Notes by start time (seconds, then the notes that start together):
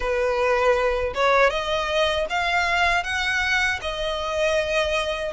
0.00 B4
1.14 C#5
1.49 D#5
2.29 F5
3.03 F#5
3.81 D#5